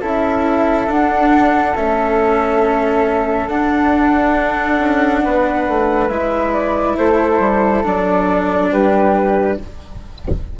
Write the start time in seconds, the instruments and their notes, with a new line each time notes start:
0.00 bassoon C#4, cello E4, flute A4 E5
0.87 cello D4, bassoon D4, flute F#5
1.76 bassoon A3, cello C#4, flute E5
3.48 cello D4, bassoon D4, flute F#5
4.79 bassoon C#4
5.23 bassoon B3, flute B4
5.68 bassoon A3
6.08 bassoon G#3, cello E4, flute E5
6.52 flute D5
6.97 bassoon A3, flute A4 C5
7.39 bassoon G3
7.83 bassoon F#3, cello D4, flute D5
8.71 bassoon G3, flute G4 B4